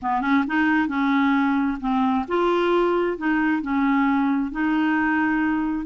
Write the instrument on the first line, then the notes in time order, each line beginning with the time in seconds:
clarinet
0.02 B3
0.21 C#4
0.47 D#4
0.87 C#4
1.80 C4
2.27 F4
3.17 D#4
3.62 C#4
4.51 D#4